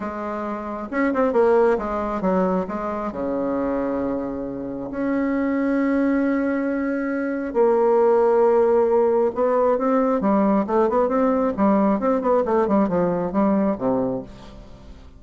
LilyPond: \new Staff \with { instrumentName = "bassoon" } { \time 4/4 \tempo 4 = 135 gis2 cis'8 c'8 ais4 | gis4 fis4 gis4 cis4~ | cis2. cis'4~ | cis'1~ |
cis'4 ais2.~ | ais4 b4 c'4 g4 | a8 b8 c'4 g4 c'8 b8 | a8 g8 f4 g4 c4 | }